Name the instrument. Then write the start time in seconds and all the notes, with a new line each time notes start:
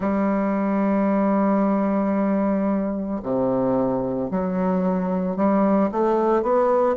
bassoon
0.00 G3
3.22 C3
4.31 F#3
5.36 G3
5.91 A3
6.42 B3